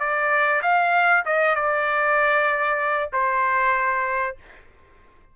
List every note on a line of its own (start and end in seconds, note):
0.00 0.62 D5
0.62 1.24 F5
1.26 1.56 D#5
1.56 3.10 D5
3.13 4.36 C5